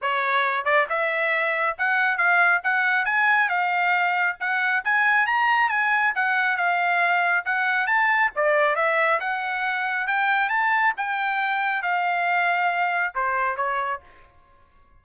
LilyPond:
\new Staff \with { instrumentName = "trumpet" } { \time 4/4 \tempo 4 = 137 cis''4. d''8 e''2 | fis''4 f''4 fis''4 gis''4 | f''2 fis''4 gis''4 | ais''4 gis''4 fis''4 f''4~ |
f''4 fis''4 a''4 d''4 | e''4 fis''2 g''4 | a''4 g''2 f''4~ | f''2 c''4 cis''4 | }